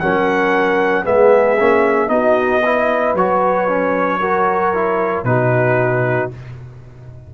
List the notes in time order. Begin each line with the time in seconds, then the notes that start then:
0.00 F#3 C#4 A#4 F#5
1.04 G#3 B3 G#4 E5
1.60 A#3 C#4
2.08 B3 D#4 F#4 D#5
2.64 E4 B4
3.14 F#3 F#4 C#5
3.68 C#4
4.20 F#4 A#4
4.74 E4
5.24 B2 D#4 F#4 B4